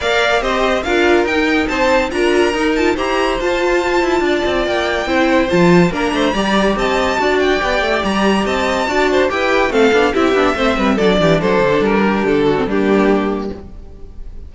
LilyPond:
<<
  \new Staff \with { instrumentName = "violin" } { \time 4/4 \tempo 4 = 142 f''4 dis''4 f''4 g''4 | a''4 ais''4. a''8 ais''4 | a''2. g''4~ | g''4 a''4 ais''2 |
a''4. g''4. ais''4 | a''2 g''4 f''4 | e''2 d''4 c''4 | ais'4 a'4 g'2 | }
  \new Staff \with { instrumentName = "violin" } { \time 4/4 d''4 c''4 ais'2 | c''4 ais'2 c''4~ | c''2 d''2 | c''2 ais'8 c''8 d''4 |
dis''4 d''2. | dis''4 d''8 c''8 b'4 a'4 | g'4 c''8 b'8 a'8 g'8 a'4~ | a'8 g'4 fis'8 d'2 | }
  \new Staff \with { instrumentName = "viola" } { \time 4/4 ais'4 g'4 f'4 dis'4~ | dis'4 f'4 dis'8 f'8 g'4 | f'1 | e'4 f'4 d'4 g'4~ |
g'4 fis'4 g'2~ | g'4 fis'4 g'4 c'8 d'8 | e'8 d'8 c'4 d'2~ | d'4.~ d'16 c'16 ais2 | }
  \new Staff \with { instrumentName = "cello" } { \time 4/4 ais4 c'4 d'4 dis'4 | c'4 d'4 dis'4 e'4 | f'4. e'8 d'8 c'8 ais4 | c'4 f4 ais8 a8 g4 |
c'4 d'4 b8 a8 g4 | c'4 d'4 e'4 a8 b8 | c'8 b8 a8 g8 fis8 e8 fis8 d8 | g4 d4 g2 | }
>>